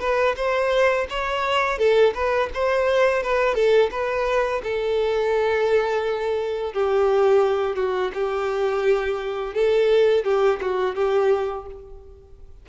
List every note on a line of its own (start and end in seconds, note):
0.00 0.35 B4
0.36 1.07 C5
1.10 1.78 C#5
1.78 2.14 A4
2.14 2.50 B4
2.54 3.23 C5
3.23 3.55 B4
3.55 3.90 A4
3.91 4.62 B4
4.63 6.73 A4
6.73 7.76 G4
7.76 8.11 F#4
8.14 9.55 G4
9.55 10.24 A4
10.24 10.59 G4
10.61 10.95 F#4
10.95 11.66 G4